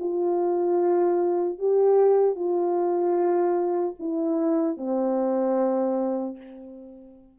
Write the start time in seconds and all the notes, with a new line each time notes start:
0.00 F4
1.59 G4
2.36 F4
4.00 E4
4.77 C4